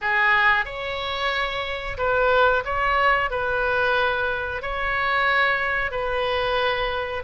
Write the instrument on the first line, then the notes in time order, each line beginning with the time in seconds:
oboe
0.01 G#4
0.65 C#5
1.97 B4
2.64 C#5
3.30 B4
4.62 C#5
5.91 B4